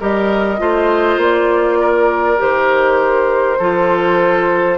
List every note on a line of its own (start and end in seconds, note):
0.00 0.60 G3
0.00 0.58 G4
0.00 0.60 A#4
0.00 1.21 D#5
0.58 1.17 A3
0.58 2.38 F4
0.58 1.79 C5
1.17 2.37 A#3
1.17 2.42 D5
1.79 3.59 A#4
2.38 3.60 D#3
2.38 3.58 G4
2.38 4.78 C5
3.59 4.78 F3
3.59 4.78 F4
3.59 4.78 A4